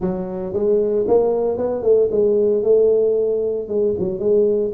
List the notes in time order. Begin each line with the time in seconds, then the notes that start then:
0.00 F#3
0.53 G#3
1.07 A#3
1.57 B3
1.82 A3
2.11 G#3
2.63 A3
3.68 G#3
3.99 F#3
4.19 G#3